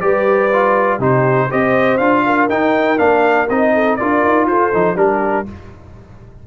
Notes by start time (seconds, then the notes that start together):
0.00 G3 G4 B4 D5
0.53 F4
0.98 C3 D#4 G4 C5
1.48 C4 G4 C5 D#5
1.97 D4 F4 F5
2.26 A#4
2.48 D#4 G5
2.97 A#3 D4 F5
3.49 C4 D#4 D#5
3.74 A4
3.96 D4 F4 A#4 D5
4.24 D#4
4.46 F4 A4 C5
4.73 F3 D#4
4.95 G3 D4 G4 A#4